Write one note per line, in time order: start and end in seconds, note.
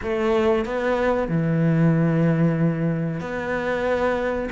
0.02 0.65 A3
0.65 1.28 B3
1.28 3.20 E3
3.20 4.49 B3